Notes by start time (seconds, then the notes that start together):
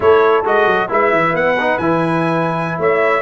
0.00 A3 E4 A4 C#5
0.44 G#3 F#4 D#5
0.66 F#3
0.88 G#3 E4 B4 E5
1.11 E3
1.33 B3 F#5
1.59 D#4
1.78 E3 E4 G#5
2.78 A3 C#5 E5